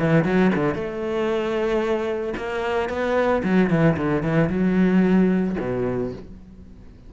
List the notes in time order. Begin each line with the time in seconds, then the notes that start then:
0.00 E3
0.25 F#3
0.55 D3
0.75 A3
2.37 A#3
2.89 B3
3.44 F#3
3.70 E3
3.97 D3
4.23 E3
4.50 F#3
5.60 B2